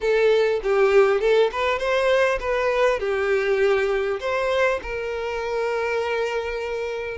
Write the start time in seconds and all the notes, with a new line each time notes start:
0.00 A4
0.63 G4
1.20 A4
1.52 B4
1.78 C5
2.39 B4
2.99 G4
4.20 C5
4.82 A#4